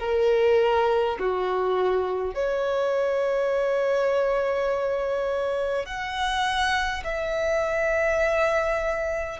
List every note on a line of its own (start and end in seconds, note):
0.00 1.18 A#4
1.19 2.34 F#4
2.34 5.86 C#5
5.86 7.03 F#5
7.04 9.40 E5